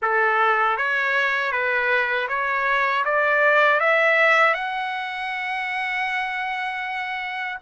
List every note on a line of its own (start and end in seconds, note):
0.02 0.77 A4
0.77 1.52 C#5
1.52 2.28 B4
2.28 3.04 C#5
3.04 3.80 D5
3.80 4.54 E5
4.54 7.57 F#5